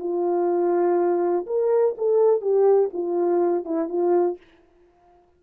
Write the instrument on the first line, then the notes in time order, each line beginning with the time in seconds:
horn
0.00 F4
1.47 A#4
1.98 A4
2.42 G4
2.94 F4
3.65 E4
3.90 F4